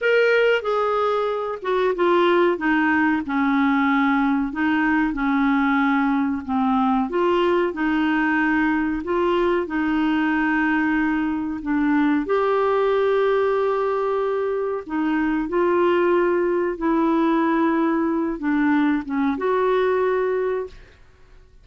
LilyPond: \new Staff \with { instrumentName = "clarinet" } { \time 4/4 \tempo 4 = 93 ais'4 gis'4. fis'8 f'4 | dis'4 cis'2 dis'4 | cis'2 c'4 f'4 | dis'2 f'4 dis'4~ |
dis'2 d'4 g'4~ | g'2. dis'4 | f'2 e'2~ | e'8 d'4 cis'8 fis'2 | }